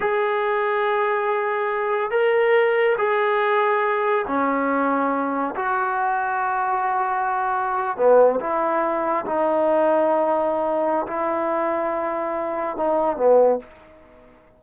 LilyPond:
\new Staff \with { instrumentName = "trombone" } { \time 4/4 \tempo 4 = 141 gis'1~ | gis'4 ais'2 gis'4~ | gis'2 cis'2~ | cis'4 fis'2.~ |
fis'2~ fis'8. b4 e'16~ | e'4.~ e'16 dis'2~ dis'16~ | dis'2 e'2~ | e'2 dis'4 b4 | }